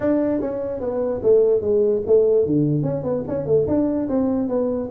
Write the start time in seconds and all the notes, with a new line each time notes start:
0.00 D4
0.41 C#4
0.80 B3
1.22 A3
1.61 G#3
2.06 A3
2.45 D3
2.83 C#4
3.03 B3
3.27 C#4
3.46 A3
3.67 D4
4.08 C4
4.48 B3